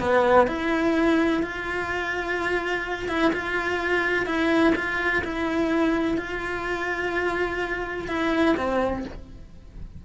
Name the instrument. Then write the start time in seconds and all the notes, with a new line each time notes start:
cello
0.00 B3
0.48 E4
1.43 F4
3.09 E4
3.33 F4
4.26 E4
4.76 F4
5.24 E4
6.18 F4
8.08 E4
8.57 C4